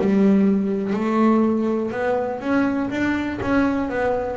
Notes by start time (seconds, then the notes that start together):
0.00 G3
0.93 A3
1.92 B3
2.41 C#4
2.91 D4
3.42 C#4
3.89 B3